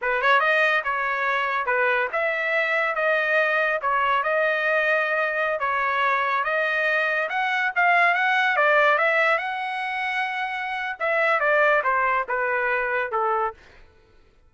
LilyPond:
\new Staff \with { instrumentName = "trumpet" } { \time 4/4 \tempo 4 = 142 b'8 cis''8 dis''4 cis''2 | b'4 e''2 dis''4~ | dis''4 cis''4 dis''2~ | dis''4~ dis''16 cis''2 dis''8.~ |
dis''4~ dis''16 fis''4 f''4 fis''8.~ | fis''16 d''4 e''4 fis''4.~ fis''16~ | fis''2 e''4 d''4 | c''4 b'2 a'4 | }